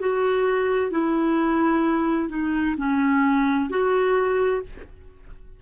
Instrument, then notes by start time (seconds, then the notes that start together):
clarinet
0.00 F#4
0.91 E4
2.30 D#4
2.78 C#4
3.70 F#4